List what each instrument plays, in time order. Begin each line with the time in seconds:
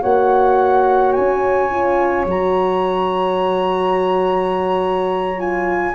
0.00 tuba A#3, horn F#4, saxophone C#5, flute F#5
1.13 tuba C#4, flute G#5
1.71 horn F4
2.26 tuba F#3, horn F#4, flute A#5
5.38 horn F4, flute G#5